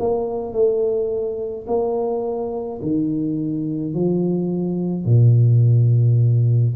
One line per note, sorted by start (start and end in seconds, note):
0.00 0.52 A#3
0.52 1.66 A3
1.67 2.80 A#3
2.82 3.94 D#3
3.94 5.05 F3
5.05 6.75 A#2